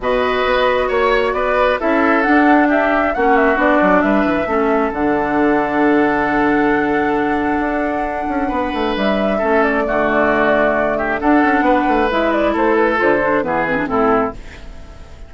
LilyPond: <<
  \new Staff \with { instrumentName = "flute" } { \time 4/4 \tempo 4 = 134 dis''2 cis''4 d''4 | e''4 fis''4 e''4 fis''8 e''8 | d''4 e''2 fis''4~ | fis''1~ |
fis''1 | e''4. d''2~ d''8~ | d''8 e''8 fis''2 e''8 d''8 | c''8 b'8 c''4 b'4 a'4 | }
  \new Staff \with { instrumentName = "oboe" } { \time 4/4 b'2 cis''4 b'4 | a'2 g'4 fis'4~ | fis'4 b'4 a'2~ | a'1~ |
a'2. b'4~ | b'4 a'4 fis'2~ | fis'8 g'8 a'4 b'2 | a'2 gis'4 e'4 | }
  \new Staff \with { instrumentName = "clarinet" } { \time 4/4 fis'1 | e'4 d'2 cis'4 | d'2 cis'4 d'4~ | d'1~ |
d'1~ | d'4 cis'4 a2~ | a4 d'2 e'4~ | e'4 f'8 d'8 b8 c'16 d'16 c'4 | }
  \new Staff \with { instrumentName = "bassoon" } { \time 4/4 b,4 b4 ais4 b4 | cis'4 d'2 ais4 | b8 fis8 g8 e8 a4 d4~ | d1~ |
d4 d'4. cis'8 b8 a8 | g4 a4 d2~ | d4 d'8 cis'8 b8 a8 gis4 | a4 d4 e4 a,4 | }
>>